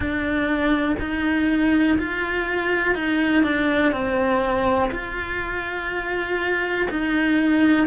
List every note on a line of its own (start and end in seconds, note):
0.00 0.95 D4
0.99 1.98 D#4
1.98 2.95 F4
2.95 3.42 D#4
3.42 3.92 D4
3.92 4.90 C4
4.91 6.88 F4
6.90 7.86 D#4